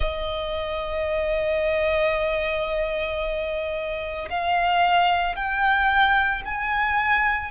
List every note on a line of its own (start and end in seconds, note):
0.00 4.29 D#5
4.30 5.35 F5
5.35 6.42 G5
6.45 7.50 G#5